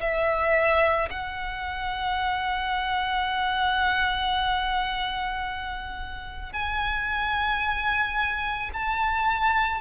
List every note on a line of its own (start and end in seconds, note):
0.00 1.09 E5
1.10 6.53 F#5
6.53 8.71 G#5
8.73 9.81 A5